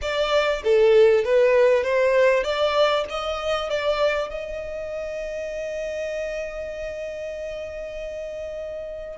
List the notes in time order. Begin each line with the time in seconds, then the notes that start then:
0.01 D5
0.64 A4
1.24 B4
1.83 C5
2.43 D5
3.09 D#5
3.69 D5
4.30 D#5